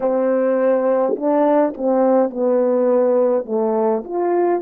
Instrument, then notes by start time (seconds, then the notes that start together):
horn
0.00 C4
1.15 D4
1.77 C4
2.30 B3
3.45 A3
4.04 F4